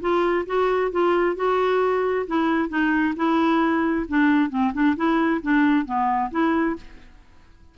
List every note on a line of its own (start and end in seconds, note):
0.00 0.45 F4
0.46 0.91 F#4
0.91 1.36 F4
1.36 2.26 F#4
2.27 2.69 E4
2.69 3.14 D#4
3.16 4.06 E4
4.08 4.50 D4
4.50 4.72 C4
4.73 4.96 D4
4.96 5.41 E4
5.42 5.85 D4
5.85 6.30 B3
6.31 6.76 E4